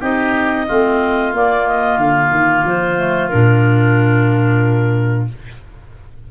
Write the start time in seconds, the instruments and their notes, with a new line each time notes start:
0.00 tuba C4, clarinet D#4 D#5, oboe G4
0.68 tuba A3, clarinet C4, oboe F4
1.33 clarinet A#3 D5, tuba A#3
1.68 clarinet D#5
1.97 tuba D3, clarinet F5
2.30 tuba D#3
2.65 tuba F3, clarinet C5
2.97 clarinet A3
3.29 tuba A#2, clarinet D4 A#4